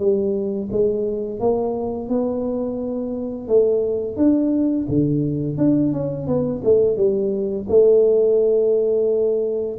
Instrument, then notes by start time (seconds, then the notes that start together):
tuba
0.00 G3
0.72 G#3
1.40 A#3
2.09 B3
3.49 A3
4.17 D4
4.89 D3
5.58 D4
5.93 C#4
6.28 B3
6.65 A3
6.97 G3
7.69 A3